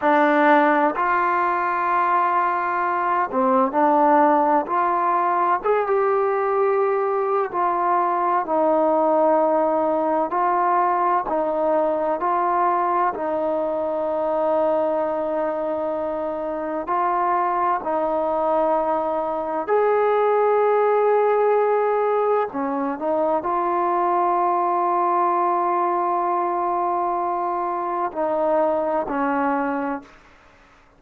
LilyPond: \new Staff \with { instrumentName = "trombone" } { \time 4/4 \tempo 4 = 64 d'4 f'2~ f'8 c'8 | d'4 f'4 gis'16 g'4.~ g'16 | f'4 dis'2 f'4 | dis'4 f'4 dis'2~ |
dis'2 f'4 dis'4~ | dis'4 gis'2. | cis'8 dis'8 f'2.~ | f'2 dis'4 cis'4 | }